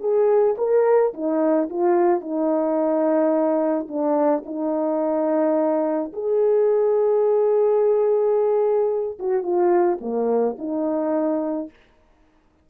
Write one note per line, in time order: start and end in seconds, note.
0.00 0.56 G#4
0.58 1.13 A#4
1.14 1.69 D#4
1.69 2.21 F4
2.21 3.88 D#4
3.88 4.44 D4
4.46 6.12 D#4
6.13 9.18 G#4
9.19 9.43 F#4
9.43 9.98 F4
10.01 10.56 A#3
10.59 11.70 D#4